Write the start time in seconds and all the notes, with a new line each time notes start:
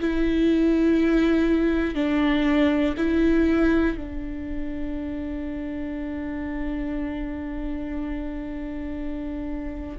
0.00 E4
1.95 D4
2.97 E4
3.97 D4